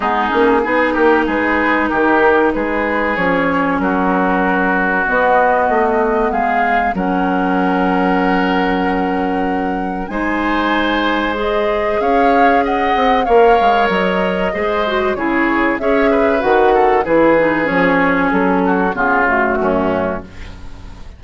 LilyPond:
<<
  \new Staff \with { instrumentName = "flute" } { \time 4/4 \tempo 4 = 95 gis'4. ais'8 b'4 ais'4 | b'4 cis''4 ais'2 | dis''2 f''4 fis''4~ | fis''1 |
gis''2 dis''4 f''4 | fis''4 f''4 dis''2 | cis''4 e''4 fis''4 b'4 | cis''4 a'4 gis'8 fis'4. | }
  \new Staff \with { instrumentName = "oboe" } { \time 4/4 dis'4 gis'8 g'8 gis'4 g'4 | gis'2 fis'2~ | fis'2 gis'4 ais'4~ | ais'1 |
c''2. cis''4 | dis''4 cis''2 c''4 | gis'4 cis''8 b'4 a'8 gis'4~ | gis'4. fis'8 f'4 cis'4 | }
  \new Staff \with { instrumentName = "clarinet" } { \time 4/4 b8 cis'8 dis'2.~ | dis'4 cis'2. | b2. cis'4~ | cis'1 |
dis'2 gis'2~ | gis'4 ais'2 gis'8 fis'8 | e'4 gis'4 fis'4 e'8 dis'8 | cis'2 b8 a4. | }
  \new Staff \with { instrumentName = "bassoon" } { \time 4/4 gis8 ais8 b8 ais8 gis4 dis4 | gis4 f4 fis2 | b4 a4 gis4 fis4~ | fis1 |
gis2. cis'4~ | cis'8 c'8 ais8 gis8 fis4 gis4 | cis4 cis'4 dis4 e4 | f4 fis4 cis4 fis,4 | }
>>